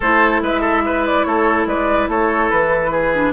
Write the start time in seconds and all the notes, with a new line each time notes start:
0.00 A3 E4 A4 C5
0.41 G#3 B4 E5
0.60 A4
0.85 B4
1.06 D5
1.23 A3 A4 C#5
1.65 G#3 B4 D5
2.08 A3 A4 C#5
2.50 E3 B4
2.91 G#4
3.15 D4